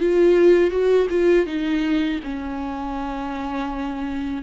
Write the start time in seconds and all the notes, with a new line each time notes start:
0.00 F4
0.71 F#4
1.10 F4
1.46 D#4
2.24 C#4